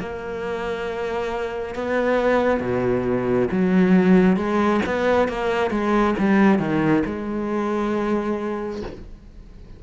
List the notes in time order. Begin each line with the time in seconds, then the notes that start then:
0.00 A#3
1.75 B3
2.60 B2
3.52 F#3
4.37 G#3
4.86 B3
5.29 A#3
5.71 G#3
6.19 G3
6.59 D#3
7.06 G#3